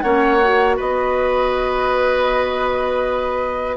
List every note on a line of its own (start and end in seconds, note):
0.00 0.78 A#3
0.00 0.40 C#4
0.00 0.76 C#5
0.00 0.75 F#5
0.40 3.76 F#4
0.76 3.76 B3
0.76 3.76 B4
0.76 3.76 D#5